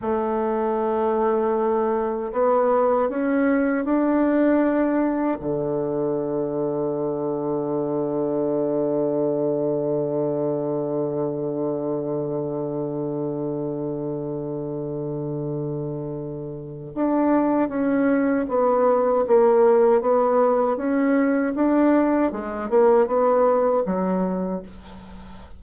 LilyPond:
\new Staff \with { instrumentName = "bassoon" } { \time 4/4 \tempo 4 = 78 a2. b4 | cis'4 d'2 d4~ | d1~ | d1~ |
d1~ | d2 d'4 cis'4 | b4 ais4 b4 cis'4 | d'4 gis8 ais8 b4 fis4 | }